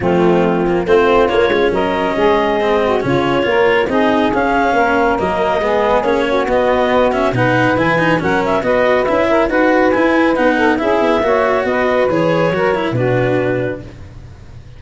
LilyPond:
<<
  \new Staff \with { instrumentName = "clarinet" } { \time 4/4 \tempo 4 = 139 f'2 c''4 cis''4 | dis''2. cis''4~ | cis''4 dis''4 f''2 | dis''2 cis''4 dis''4~ |
dis''8 e''8 fis''4 gis''4 fis''8 e''8 | dis''4 e''4 fis''4 gis''4 | fis''4 e''2 dis''4 | cis''2 b'2 | }
  \new Staff \with { instrumentName = "saxophone" } { \time 4/4 c'2 f'2 | ais'4 gis'4. fis'8 f'4 | ais'4 gis'2 ais'4~ | ais'4 gis'4. fis'4.~ |
fis'4 b'2 ais'4 | b'4. ais'8 b'2~ | b'8 a'8 gis'4 cis''4 b'4~ | b'4 ais'4 fis'2 | }
  \new Staff \with { instrumentName = "cello" } { \time 4/4 a4. ais8 c'4 ais8 cis'8~ | cis'2 c'4 cis'4 | f'4 dis'4 cis'2 | ais4 b4 cis'4 b4~ |
b8 cis'8 dis'4 e'8 dis'8 cis'4 | fis'4 e'4 fis'4 e'4 | dis'4 e'4 fis'2 | gis'4 fis'8 e'8 d'2 | }
  \new Staff \with { instrumentName = "tuba" } { \time 4/4 f2 a4 ais8 gis8 | fis4 gis2 cis4 | ais4 c'4 cis'4 ais4 | fis4 gis4 ais4 b4~ |
b4 b,4 e4 fis4 | b4 cis'4 dis'4 e'4 | b4 cis'8 b8 ais4 b4 | e4 fis4 b,2 | }
>>